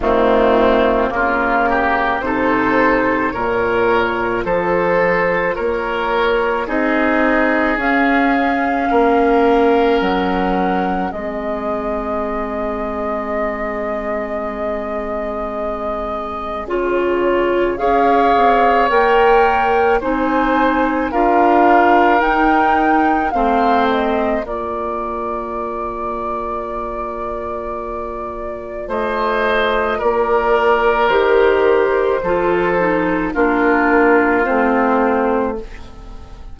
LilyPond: <<
  \new Staff \with { instrumentName = "flute" } { \time 4/4 \tempo 4 = 54 f'4 ais'4 c''4 cis''4 | c''4 cis''4 dis''4 f''4~ | f''4 fis''4 dis''2~ | dis''2. cis''4 |
f''4 g''4 gis''4 f''4 | g''4 f''8 dis''8 d''2~ | d''2 dis''4 d''4 | c''2 ais'4 c''4 | }
  \new Staff \with { instrumentName = "oboe" } { \time 4/4 c'4 f'8 g'8 a'4 ais'4 | a'4 ais'4 gis'2 | ais'2 gis'2~ | gis'1 |
cis''2 c''4 ais'4~ | ais'4 c''4 ais'2~ | ais'2 c''4 ais'4~ | ais'4 a'4 f'2 | }
  \new Staff \with { instrumentName = "clarinet" } { \time 4/4 a4 ais4 dis'4 f'4~ | f'2 dis'4 cis'4~ | cis'2 c'2~ | c'2. f'4 |
gis'4 ais'4 dis'4 f'4 | dis'4 c'4 f'2~ | f'1 | g'4 f'8 dis'8 d'4 c'4 | }
  \new Staff \with { instrumentName = "bassoon" } { \time 4/4 dis4 cis4 c4 ais,4 | f4 ais4 c'4 cis'4 | ais4 fis4 gis2~ | gis2. cis4 |
cis'8 c'8 ais4 c'4 d'4 | dis'4 a4 ais2~ | ais2 a4 ais4 | dis4 f4 ais4 a4 | }
>>